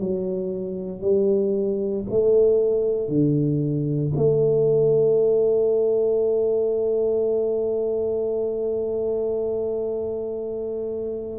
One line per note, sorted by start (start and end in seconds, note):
0.00 1.01 F#3
1.01 2.05 G3
2.10 3.08 A3
3.08 4.12 D3
4.16 11.39 A3